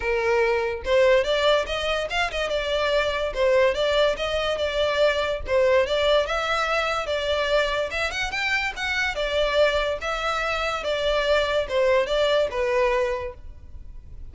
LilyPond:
\new Staff \with { instrumentName = "violin" } { \time 4/4 \tempo 4 = 144 ais'2 c''4 d''4 | dis''4 f''8 dis''8 d''2 | c''4 d''4 dis''4 d''4~ | d''4 c''4 d''4 e''4~ |
e''4 d''2 e''8 fis''8 | g''4 fis''4 d''2 | e''2 d''2 | c''4 d''4 b'2 | }